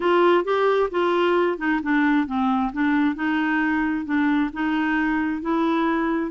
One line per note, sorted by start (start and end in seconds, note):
0.00 0.44 F4
0.44 0.89 G4
0.90 1.58 F4
1.58 1.80 D#4
1.83 2.26 D4
2.26 2.71 C4
2.73 3.15 D4
3.15 4.05 D#4
4.05 4.50 D4
4.53 5.41 D#4
5.41 6.31 E4